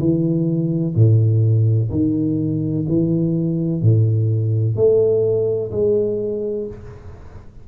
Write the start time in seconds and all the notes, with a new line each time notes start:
0.00 E3
0.96 A2
1.91 D#3
2.89 E3
3.82 A2
4.77 A3
5.72 G#3